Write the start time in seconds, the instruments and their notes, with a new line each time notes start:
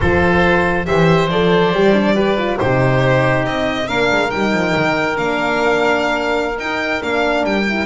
0.00 double bass F3, horn F4, oboe A4, violin C5
0.86 double bass E3, horn G4, oboe C5, violin E5
1.29 double bass F3, horn A4, violin D5
1.72 double bass G3, horn G4
1.93 horn D4
2.15 horn G4, oboe B4
2.37 horn F4
2.56 double bass C3, horn D#4, oboe G4, violin C5
3.45 double bass C4, violin D#5
3.87 double bass A#3, horn D4, oboe A#4, violin F5
4.11 double bass G#3
4.30 double bass G3, horn D#4, violin G5
4.52 double bass F3
4.75 double bass D#3
5.15 double bass A#3, horn D4, violin F5
6.58 double bass D#4, horn D#4, violin G5
7.00 double bass A#3, horn D4, violin F5
7.44 double bass G3, violin G5
7.68 horn E4